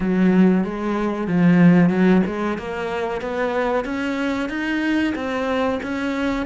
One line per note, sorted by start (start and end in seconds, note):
0.00 0.64 F#3
0.64 1.27 G#3
1.27 1.89 F3
1.89 2.21 F#3
2.26 2.58 G#3
2.58 3.21 A#3
3.21 3.84 B3
3.84 4.49 C#4
4.49 5.13 D#4
5.15 5.79 C4
5.82 6.45 C#4